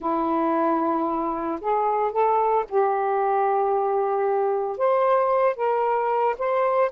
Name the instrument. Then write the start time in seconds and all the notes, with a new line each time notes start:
saxophone
0.00 E4
1.60 G#4
2.12 A4
2.68 G4
4.77 C5
5.56 A#4
6.38 C5